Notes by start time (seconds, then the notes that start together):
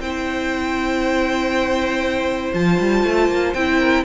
0.00 C4 E4 C5 G5
2.54 F3 F4 A5
2.80 G3
3.04 A3
3.29 A#3
3.54 C4 E4 G5
3.80 A#4